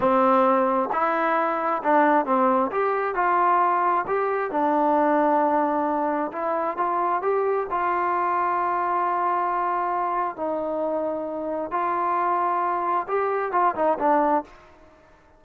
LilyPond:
\new Staff \with { instrumentName = "trombone" } { \time 4/4 \tempo 4 = 133 c'2 e'2 | d'4 c'4 g'4 f'4~ | f'4 g'4 d'2~ | d'2 e'4 f'4 |
g'4 f'2.~ | f'2. dis'4~ | dis'2 f'2~ | f'4 g'4 f'8 dis'8 d'4 | }